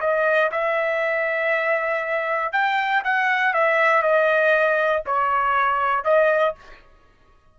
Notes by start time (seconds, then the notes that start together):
0.00 D#5
0.51 E5
2.52 G5
3.04 F#5
3.53 E5
4.02 D#5
5.06 C#5
6.04 D#5